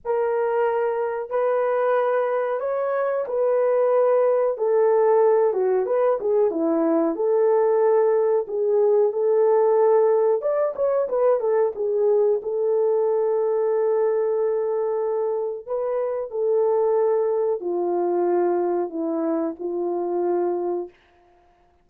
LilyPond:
\new Staff \with { instrumentName = "horn" } { \time 4/4 \tempo 4 = 92 ais'2 b'2 | cis''4 b'2 a'4~ | a'8 fis'8 b'8 gis'8 e'4 a'4~ | a'4 gis'4 a'2 |
d''8 cis''8 b'8 a'8 gis'4 a'4~ | a'1 | b'4 a'2 f'4~ | f'4 e'4 f'2 | }